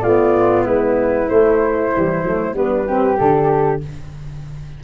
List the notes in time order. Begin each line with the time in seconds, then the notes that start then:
0.00 A3 B3 F4 D5
0.64 G#3 E4 B4
1.27 A3 C5
1.92 E3 G3
2.23 F#3 A3
2.53 G3 B3 D4 B4
2.87 C4 G4
3.17 D3 D4 A4